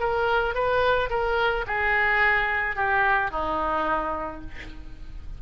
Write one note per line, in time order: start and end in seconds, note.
0.00 0.55 A#4
0.55 1.10 B4
1.10 1.65 A#4
1.67 2.76 G#4
2.76 3.31 G4
3.31 4.41 D#4